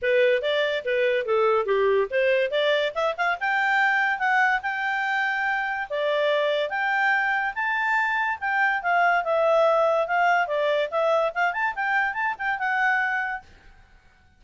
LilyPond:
\new Staff \with { instrumentName = "clarinet" } { \time 4/4 \tempo 4 = 143 b'4 d''4 b'4 a'4 | g'4 c''4 d''4 e''8 f''8 | g''2 fis''4 g''4~ | g''2 d''2 |
g''2 a''2 | g''4 f''4 e''2 | f''4 d''4 e''4 f''8 a''8 | g''4 a''8 g''8 fis''2 | }